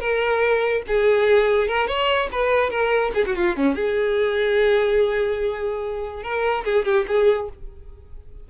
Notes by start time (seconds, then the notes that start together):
0.00 A#4
0.88 G#4
1.68 A#4
1.88 C#5
2.32 B4
2.70 A#4
3.15 G#4
3.26 F#4
3.36 F4
3.57 C#4
3.75 G#4
6.23 A#4
6.65 G#4
6.85 G4
7.08 G#4